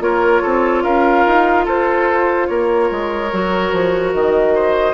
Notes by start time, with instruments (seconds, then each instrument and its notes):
0.00 bassoon A#3, clarinet F4, oboe A#4, flute C#5
0.42 bassoon C4, oboe A4
0.84 bassoon C#4, oboe A#4, flute F5
1.27 bassoon D#4
1.65 bassoon F4, oboe A4, flute C5
2.48 bassoon A#3, oboe A#4, flute C#5
2.91 bassoon G#3
3.33 bassoon F#3, clarinet F#4
3.73 bassoon F3
4.14 bassoon D#3, flute D#5
4.55 oboe C5